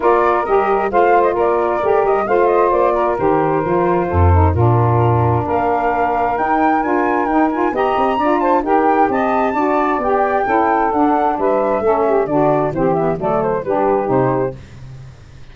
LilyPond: <<
  \new Staff \with { instrumentName = "flute" } { \time 4/4 \tempo 4 = 132 d''4 dis''4 f''8. dis''16 d''4~ | d''8 dis''8 f''8 dis''8 d''4 c''4~ | c''2 ais'2 | f''2 g''4 gis''4 |
g''8 gis''8 ais''4. a''8 g''4 | a''2 g''2 | fis''4 e''2 d''4 | c''8 e''8 d''8 c''8 b'4 c''4 | }
  \new Staff \with { instrumentName = "saxophone" } { \time 4/4 ais'2 c''4 ais'4~ | ais'4 c''4. ais'4.~ | ais'4 a'4 f'2 | ais'1~ |
ais'4 dis''4 d''8 c''8 ais'4 | dis''4 d''2 a'4~ | a'4 b'4 a'8 g'8 fis'4 | g'4 a'4 g'2 | }
  \new Staff \with { instrumentName = "saxophone" } { \time 4/4 f'4 g'4 f'2 | g'4 f'2 g'4 | f'4. dis'8 d'2~ | d'2 dis'4 f'4 |
dis'8 f'8 g'4 f'4 g'4~ | g'4 fis'4 g'4 e'4 | d'2 cis'4 d'4 | c'8 b8 a4 d'4 dis'4 | }
  \new Staff \with { instrumentName = "tuba" } { \time 4/4 ais4 g4 a4 ais4 | a8 g8 a4 ais4 dis4 | f4 f,4 ais,2 | ais2 dis'4 d'4 |
dis'4 b8 c'8 d'4 dis'4 | c'4 d'4 b4 cis'4 | d'4 g4 a4 d4 | e4 fis4 g4 c4 | }
>>